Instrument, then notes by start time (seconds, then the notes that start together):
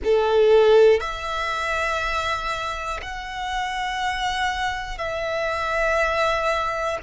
violin
0.04 A4
1.00 E5
3.02 F#5
4.97 E5